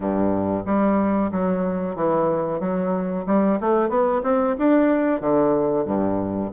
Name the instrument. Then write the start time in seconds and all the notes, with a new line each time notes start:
bassoon
0.00 G2
0.65 G3
1.31 F#3
1.95 E3
2.59 F#3
3.26 G3
3.60 A3
3.89 B3
4.23 C4
4.58 D4
5.20 D3
5.85 G2